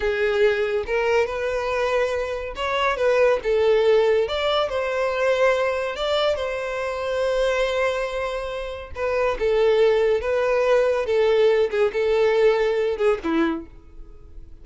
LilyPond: \new Staff \with { instrumentName = "violin" } { \time 4/4 \tempo 4 = 141 gis'2 ais'4 b'4~ | b'2 cis''4 b'4 | a'2 d''4 c''4~ | c''2 d''4 c''4~ |
c''1~ | c''4 b'4 a'2 | b'2 a'4. gis'8 | a'2~ a'8 gis'8 e'4 | }